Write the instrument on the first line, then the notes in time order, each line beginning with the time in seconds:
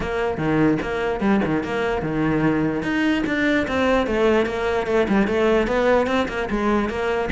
cello
0.00 A#3
0.37 D#3
0.82 A#3
1.20 G3
1.45 D#3
1.63 A#3
2.02 D#3
2.82 D#4
3.26 D4
3.67 C4
4.06 A3
4.46 A#3
4.86 A3
5.08 G3
5.27 A3
5.67 B3
6.06 C4
6.28 A#3
6.49 G#3
6.89 A#3